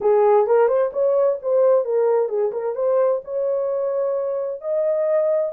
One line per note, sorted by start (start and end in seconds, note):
0.00 0.46 G#4
0.47 0.67 A#4
0.67 0.90 C5
0.92 1.38 C#5
1.41 1.84 C5
1.84 2.28 A#4
2.28 2.51 G#4
2.52 2.75 A#4
2.75 3.21 C5
3.24 4.61 C#5
4.61 5.52 D#5